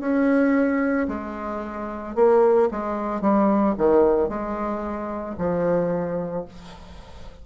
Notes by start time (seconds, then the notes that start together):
0.00 C#4
1.08 G#3
2.15 A#3
2.71 G#3
3.21 G3
3.77 D#3
4.29 G#3
5.38 F3